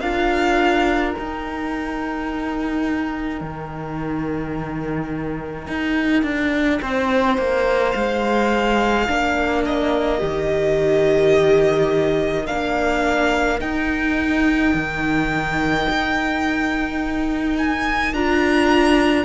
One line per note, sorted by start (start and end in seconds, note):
0.00 1.14 D4
0.00 1.14 F4
0.00 6.80 A#4
0.00 1.13 F5
1.13 9.07 D#4
1.13 3.41 D#4
1.13 7.92 G5
3.41 5.67 D#3
5.68 6.23 D#4
6.23 6.80 D4
6.82 7.38 C4
6.82 9.07 C5
7.38 7.94 A#3
7.92 9.08 G#3
7.92 9.61 F5
9.07 10.22 A#3
9.07 10.19 D4
9.07 19.25 A#4
9.66 12.47 D#5
10.19 12.48 D#3
10.19 12.46 G4
12.46 13.62 A#3
12.46 13.59 D4
12.46 13.60 F5
13.59 18.12 D#4
13.59 14.74 D#4
13.59 17.57 G5
14.74 15.87 D#3
15.89 18.13 D#4
17.58 18.14 G#5
18.13 19.25 D4
18.13 19.25 F4
18.13 19.25 A#5